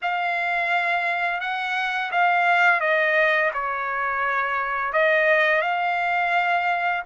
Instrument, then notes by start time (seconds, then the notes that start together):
trumpet
0.02 F5
1.40 F#5
2.11 F5
2.80 D#5
3.53 C#5
4.92 D#5
5.61 F5